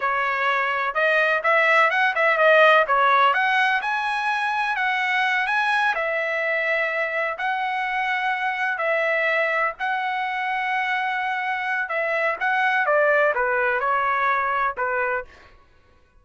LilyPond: \new Staff \with { instrumentName = "trumpet" } { \time 4/4 \tempo 4 = 126 cis''2 dis''4 e''4 | fis''8 e''8 dis''4 cis''4 fis''4 | gis''2 fis''4. gis''8~ | gis''8 e''2. fis''8~ |
fis''2~ fis''8 e''4.~ | e''8 fis''2.~ fis''8~ | fis''4 e''4 fis''4 d''4 | b'4 cis''2 b'4 | }